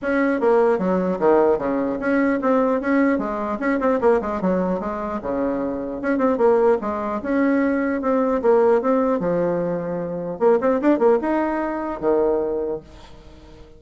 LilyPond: \new Staff \with { instrumentName = "bassoon" } { \time 4/4 \tempo 4 = 150 cis'4 ais4 fis4 dis4 | cis4 cis'4 c'4 cis'4 | gis4 cis'8 c'8 ais8 gis8 fis4 | gis4 cis2 cis'8 c'8 |
ais4 gis4 cis'2 | c'4 ais4 c'4 f4~ | f2 ais8 c'8 d'8 ais8 | dis'2 dis2 | }